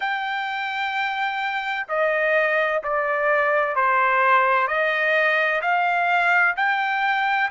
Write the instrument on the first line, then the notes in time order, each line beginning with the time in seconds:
trumpet
0.00 G5
1.88 D#5
2.83 D5
3.75 C5
4.67 D#5
5.61 F5
6.56 G5